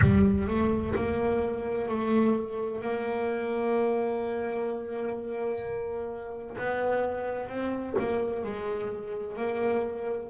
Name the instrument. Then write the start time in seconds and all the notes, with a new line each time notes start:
double bass
0.01 G3
0.47 A3
0.95 A#3
1.88 A3
2.81 A#3
6.58 B3
7.48 C4
7.98 A#3
8.43 G#3
9.36 A#3